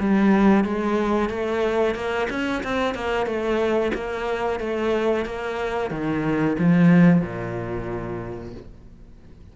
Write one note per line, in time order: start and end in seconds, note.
0.00 0.64 G3
0.64 1.30 G#3
1.30 1.95 A3
1.95 2.28 A#3
2.30 2.63 C#4
2.64 2.95 C4
2.95 3.26 A#3
3.26 3.92 A3
3.95 4.60 A#3
4.60 5.26 A3
5.26 5.91 A#3
5.91 6.57 D#3
6.59 7.22 F3
7.22 8.54 A#2